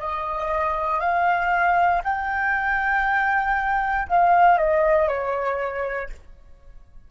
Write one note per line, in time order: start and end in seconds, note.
0.00 1.00 D#5
1.00 2.02 F5
2.04 4.08 G5
4.08 4.59 F5
4.59 5.08 D#5
5.08 6.10 C#5